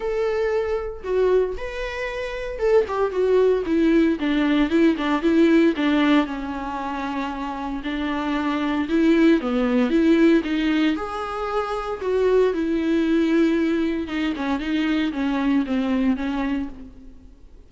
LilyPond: \new Staff \with { instrumentName = "viola" } { \time 4/4 \tempo 4 = 115 a'2 fis'4 b'4~ | b'4 a'8 g'8 fis'4 e'4 | d'4 e'8 d'8 e'4 d'4 | cis'2. d'4~ |
d'4 e'4 b4 e'4 | dis'4 gis'2 fis'4 | e'2. dis'8 cis'8 | dis'4 cis'4 c'4 cis'4 | }